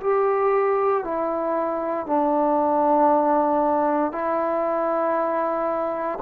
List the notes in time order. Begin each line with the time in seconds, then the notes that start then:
0.00 G4
1.03 E4
2.06 D4
4.11 E4